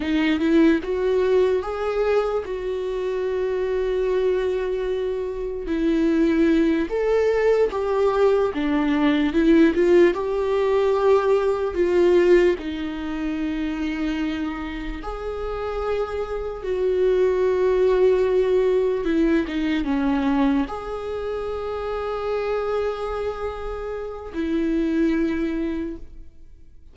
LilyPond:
\new Staff \with { instrumentName = "viola" } { \time 4/4 \tempo 4 = 74 dis'8 e'8 fis'4 gis'4 fis'4~ | fis'2. e'4~ | e'8 a'4 g'4 d'4 e'8 | f'8 g'2 f'4 dis'8~ |
dis'2~ dis'8 gis'4.~ | gis'8 fis'2. e'8 | dis'8 cis'4 gis'2~ gis'8~ | gis'2 e'2 | }